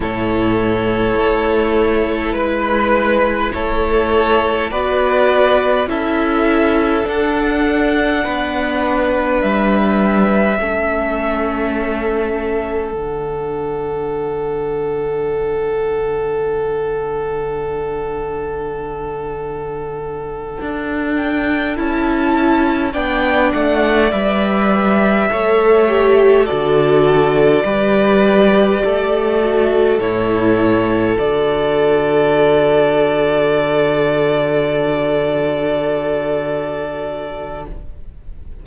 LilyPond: <<
  \new Staff \with { instrumentName = "violin" } { \time 4/4 \tempo 4 = 51 cis''2 b'4 cis''4 | d''4 e''4 fis''2 | e''2. fis''4~ | fis''1~ |
fis''2 g''8 a''4 g''8 | fis''8 e''2 d''4.~ | d''4. cis''4 d''4.~ | d''1 | }
  \new Staff \with { instrumentName = "violin" } { \time 4/4 a'2 b'4 a'4 | b'4 a'2 b'4~ | b'4 a'2.~ | a'1~ |
a'2.~ a'8 d''8~ | d''4. cis''4 a'4 b'8~ | b'8 a'2.~ a'8~ | a'1 | }
  \new Staff \with { instrumentName = "viola" } { \time 4/4 e'1 | fis'4 e'4 d'2~ | d'4 cis'2 d'4~ | d'1~ |
d'2~ d'8 e'4 d'8~ | d'8 b'4 a'8 g'8 fis'4 g'8~ | g'4 fis'8 e'4 fis'4.~ | fis'1 | }
  \new Staff \with { instrumentName = "cello" } { \time 4/4 a,4 a4 gis4 a4 | b4 cis'4 d'4 b4 | g4 a2 d4~ | d1~ |
d4. d'4 cis'4 b8 | a8 g4 a4 d4 g8~ | g8 a4 a,4 d4.~ | d1 | }
>>